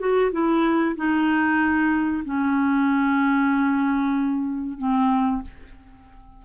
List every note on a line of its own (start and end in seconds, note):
0.00 0.32 F#4
0.32 0.96 E4
0.96 2.24 D#4
2.25 4.79 C#4
4.79 5.43 C4